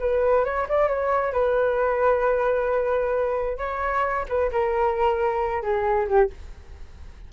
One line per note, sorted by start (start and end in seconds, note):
0.00 0.45 B4
0.45 0.67 C#5
0.68 0.88 D5
0.88 1.33 C#5
1.33 3.58 B4
3.58 4.26 C#5
4.28 4.51 B4
4.51 5.62 A#4
5.62 6.07 G#4
6.08 6.30 G4